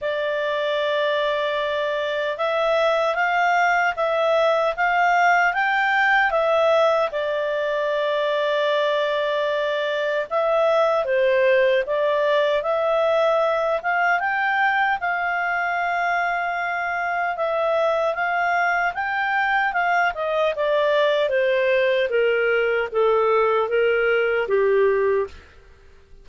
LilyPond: \new Staff \with { instrumentName = "clarinet" } { \time 4/4 \tempo 4 = 76 d''2. e''4 | f''4 e''4 f''4 g''4 | e''4 d''2.~ | d''4 e''4 c''4 d''4 |
e''4. f''8 g''4 f''4~ | f''2 e''4 f''4 | g''4 f''8 dis''8 d''4 c''4 | ais'4 a'4 ais'4 g'4 | }